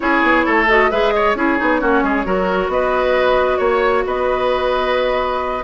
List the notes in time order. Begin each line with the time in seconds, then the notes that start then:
0.00 C#4 E4 G#4 C#5
0.22 B3
0.45 A3 A4
0.68 F#4 D#5
0.90 G#3 G#4 B4 E5
1.12 C#5 D#5
1.34 C#4 E4 G#4 C#5
1.58 B3 D#4
1.80 A#3 C#4 F#4
2.02 G#3 G#4
2.25 F#3 F#4 A#4
2.68 B3 B4 D#5
3.57 A#3 C#5
4.05 B3 B4 D#5